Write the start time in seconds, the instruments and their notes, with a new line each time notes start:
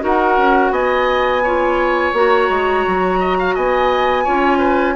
0.00 bassoon D#4, clarinet F#4, oboe A#4, flute F#5
0.38 bassoon C#4
0.71 bassoon B3, oboe D#5, flute G#5
1.43 clarinet F4, oboe C#5
2.13 bassoon A#3, clarinet F#4, flute A#5
2.49 bassoon G#3
2.87 bassoon F#3
3.19 oboe D#5
3.39 oboe F5
3.55 bassoon B3, oboe D#5, flute G#5
4.24 bassoon C#4, clarinet F4, oboe C#5
4.58 oboe B4